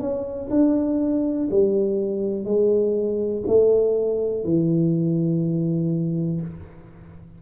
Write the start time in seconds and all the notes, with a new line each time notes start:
0.00 C#4
0.51 D4
1.51 G3
2.45 G#3
3.46 A3
4.44 E3